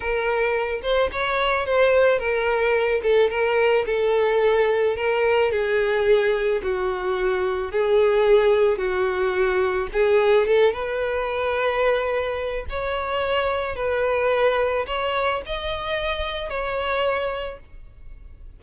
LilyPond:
\new Staff \with { instrumentName = "violin" } { \time 4/4 \tempo 4 = 109 ais'4. c''8 cis''4 c''4 | ais'4. a'8 ais'4 a'4~ | a'4 ais'4 gis'2 | fis'2 gis'2 |
fis'2 gis'4 a'8 b'8~ | b'2. cis''4~ | cis''4 b'2 cis''4 | dis''2 cis''2 | }